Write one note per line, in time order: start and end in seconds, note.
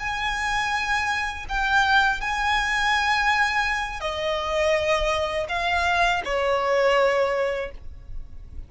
0.00 1.46 G#5
1.49 2.21 G5
2.21 4.01 G#5
4.01 5.47 D#5
5.49 6.23 F5
6.25 7.72 C#5